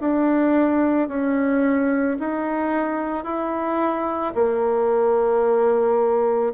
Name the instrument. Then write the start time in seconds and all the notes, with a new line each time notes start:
bassoon
0.00 D4
1.08 C#4
2.19 D#4
3.24 E4
4.34 A#3